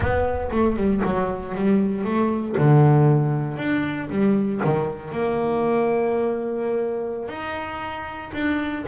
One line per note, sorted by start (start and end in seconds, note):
0.00 0.50 B3
0.51 0.76 A3
0.76 1.01 G3
1.04 1.55 F#3
1.55 2.04 G3
2.04 2.55 A3
2.57 3.57 D3
3.57 4.09 D4
4.09 4.60 G3
4.64 5.12 D#3
5.12 7.28 A#3
7.28 8.31 D#4
8.33 8.85 D4